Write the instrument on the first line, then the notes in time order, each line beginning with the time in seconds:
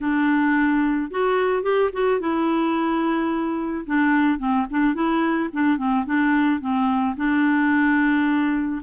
clarinet
0.01 D4
1.11 F#4
1.62 G4
1.92 F#4
2.20 E4
3.86 D4
4.38 C4
4.70 D4
4.94 E4
5.52 D4
5.77 C4
6.05 D4
6.60 C4
7.16 D4